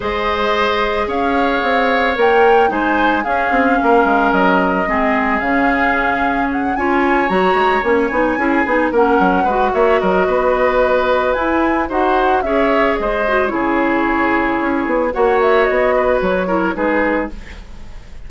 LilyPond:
<<
  \new Staff \with { instrumentName = "flute" } { \time 4/4 \tempo 4 = 111 dis''2 f''2 | g''4 gis''4 f''2 | dis''2 f''2 | fis''8 gis''4 ais''4 gis''4.~ |
gis''8 fis''4. e''8 dis''4.~ | dis''4 gis''4 fis''4 e''4 | dis''4 cis''2. | fis''8 e''8 dis''4 cis''4 b'4 | }
  \new Staff \with { instrumentName = "oboe" } { \time 4/4 c''2 cis''2~ | cis''4 c''4 gis'4 ais'4~ | ais'4 gis'2.~ | gis'8 cis''2. gis'8~ |
gis'8 ais'4 b'8 cis''8 ais'8 b'4~ | b'2 c''4 cis''4 | c''4 gis'2. | cis''4. b'4 ais'8 gis'4 | }
  \new Staff \with { instrumentName = "clarinet" } { \time 4/4 gis'1 | ais'4 dis'4 cis'2~ | cis'4 c'4 cis'2~ | cis'8 f'4 fis'4 cis'8 dis'8 e'8 |
dis'8 cis'4 fis'2~ fis'8~ | fis'4 e'4 fis'4 gis'4~ | gis'8 fis'8 e'2. | fis'2~ fis'8 e'8 dis'4 | }
  \new Staff \with { instrumentName = "bassoon" } { \time 4/4 gis2 cis'4 c'4 | ais4 gis4 cis'8 c'8 ais8 gis8 | fis4 gis4 cis2~ | cis8 cis'4 fis8 gis8 ais8 b8 cis'8 |
b8 ais8 fis8 gis8 ais8 fis8 b4~ | b4 e'4 dis'4 cis'4 | gis4 cis2 cis'8 b8 | ais4 b4 fis4 gis4 | }
>>